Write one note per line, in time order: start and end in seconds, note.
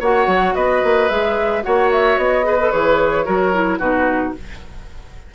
0.00 0.27 A#3
0.00 1.09 F#4
0.00 0.54 C#5
0.00 0.55 F#5
0.27 0.54 F#3
0.55 0.83 B3
0.55 1.63 B4
0.55 1.09 D#5
0.84 1.10 A#3
1.09 1.64 G#3
1.09 1.63 G#4
1.09 1.63 E5
1.63 2.17 A#3
1.63 2.43 F#4
1.63 2.46 C#5
1.63 1.90 F#5
1.92 2.18 E5
2.17 2.71 B3
2.17 2.71 D#5
2.43 2.57 G#4
2.43 3.25 B4
2.60 2.72 A4
2.71 3.27 E3
2.71 3.25 G#4
2.71 3.78 C#5
3.25 3.80 F#3
3.25 3.52 F#4
3.25 3.79 A#4
3.53 3.80 E4
3.78 4.34 B2
3.78 4.34 D#4
3.78 4.33 F#4
3.78 4.32 B4